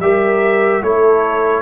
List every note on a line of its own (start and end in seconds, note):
0.00 0.82 G3
0.00 0.83 G4
0.00 0.84 A#4
0.00 0.83 E5
0.83 1.63 A3
0.83 1.63 E4
0.83 1.63 A4
0.83 1.63 C#5